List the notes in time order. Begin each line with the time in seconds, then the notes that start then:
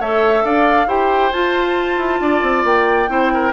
0.00 A3 A4 C#5 E5
0.45 D4 D5 F5
0.87 E4 G4 C5 G5
1.33 F4 A5
1.98 E4
2.20 D4 D5
2.43 C4
2.65 A#3 G5
3.08 C4 E4 C5
3.34 A#4